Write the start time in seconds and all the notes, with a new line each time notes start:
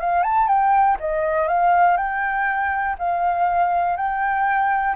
0.00 F5
0.23 A5
0.48 G5
1.00 D#5
1.48 F5
1.97 G5
2.98 F5
3.96 G5